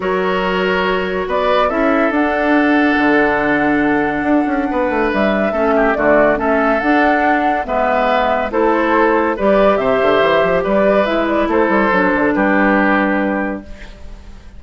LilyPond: <<
  \new Staff \with { instrumentName = "flute" } { \time 4/4 \tempo 4 = 141 cis''2. d''4 | e''4 fis''2.~ | fis''1 | e''2 d''4 e''4 |
fis''2 e''2 | c''2 d''4 e''4~ | e''4 d''4 e''8 d''8 c''4~ | c''4 b'2. | }
  \new Staff \with { instrumentName = "oboe" } { \time 4/4 ais'2. b'4 | a'1~ | a'2. b'4~ | b'4 a'8 g'8 fis'4 a'4~ |
a'2 b'2 | a'2 b'4 c''4~ | c''4 b'2 a'4~ | a'4 g'2. | }
  \new Staff \with { instrumentName = "clarinet" } { \time 4/4 fis'1 | e'4 d'2.~ | d'1~ | d'4 cis'4 a4 cis'4 |
d'2 b2 | e'2 g'2~ | g'2 e'2 | d'1 | }
  \new Staff \with { instrumentName = "bassoon" } { \time 4/4 fis2. b4 | cis'4 d'2 d4~ | d2 d'8 cis'8 b8 a8 | g4 a4 d4 a4 |
d'2 gis2 | a2 g4 c8 d8 | e8 f8 g4 gis4 a8 g8 | fis8 d8 g2. | }
>>